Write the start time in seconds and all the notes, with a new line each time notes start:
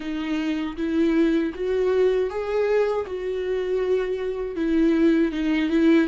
0.00 D#4
0.77 E4
1.54 F#4
2.30 G#4
3.06 F#4
4.56 E4
5.32 D#4
5.69 E4